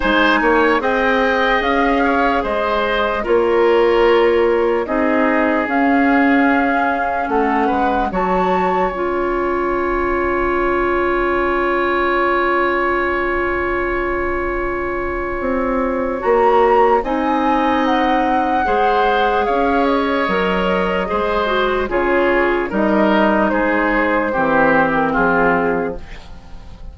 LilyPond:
<<
  \new Staff \with { instrumentName = "flute" } { \time 4/4 \tempo 4 = 74 gis''4 g''4 f''4 dis''4 | cis''2 dis''4 f''4~ | f''4 fis''4 a''4 gis''4~ | gis''1~ |
gis''1 | ais''4 gis''4 fis''2 | f''8 dis''2~ dis''8 cis''4 | dis''4 c''4.~ c''16 ais'16 gis'4 | }
  \new Staff \with { instrumentName = "oboe" } { \time 4/4 c''8 cis''8 dis''4. cis''8 c''4 | ais'2 gis'2~ | gis'4 a'8 b'8 cis''2~ | cis''1~ |
cis''1~ | cis''4 dis''2 c''4 | cis''2 c''4 gis'4 | ais'4 gis'4 g'4 f'4 | }
  \new Staff \with { instrumentName = "clarinet" } { \time 4/4 dis'4 gis'2. | f'2 dis'4 cis'4~ | cis'2 fis'4 f'4~ | f'1~ |
f'1 | fis'4 dis'2 gis'4~ | gis'4 ais'4 gis'8 fis'8 f'4 | dis'2 c'2 | }
  \new Staff \with { instrumentName = "bassoon" } { \time 4/4 gis8 ais8 c'4 cis'4 gis4 | ais2 c'4 cis'4~ | cis'4 a8 gis8 fis4 cis'4~ | cis'1~ |
cis'2. c'4 | ais4 c'2 gis4 | cis'4 fis4 gis4 cis4 | g4 gis4 e4 f4 | }
>>